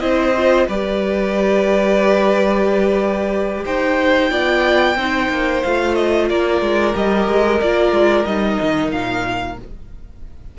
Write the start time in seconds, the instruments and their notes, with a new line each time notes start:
0.00 cello C4, viola E4, violin C5 D#5
0.37 viola F4
0.67 cello G3, viola G4, violin B4 D5
3.65 cello D#4, violin C5 G5
4.29 cello B3, viola F4, violin D5
4.96 cello C4, viola D#4, violin C5
5.30 cello A#3
5.63 cello A3, viola F4, violin F5
5.95 violin D#5
6.29 cello A#3, violin A#4 D5
6.61 cello G#3
6.93 cello G3, viola G4, violin D#5
7.28 cello G#3
7.61 cello A#3, viola F4, violin D5
7.92 cello G#3
8.25 cello G3, viola D#4, violin D#5
8.62 cello D#3
8.91 cello A#2, violin F5